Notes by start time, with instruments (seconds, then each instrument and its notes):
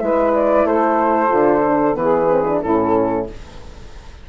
0.00 bassoon G#3, horn E4, saxophone B4, flute E5
0.35 flute D5
0.65 bassoon A3, saxophone A4, flute C5
1.29 bassoon D3, horn F4
1.67 horn D4
1.95 bassoon E3, horn B3, saxophone G#4, flute B4
2.28 horn C4
2.47 horn D4
2.62 bassoon A2, horn C#4, saxophone E4, flute A4